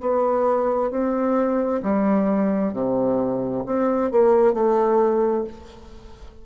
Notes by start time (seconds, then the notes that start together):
0.00 B3
0.90 C4
1.83 G3
2.73 C3
3.66 C4
4.11 A#3
4.53 A3